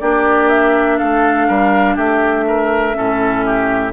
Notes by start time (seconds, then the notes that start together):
0.00 A#3 D4 G4 D5
0.49 E5
0.98 A3 A4 F5
1.48 G3 A#4
1.95 A3 G4 E5
2.48 A#4
2.94 A2 C#4 A4
3.45 G4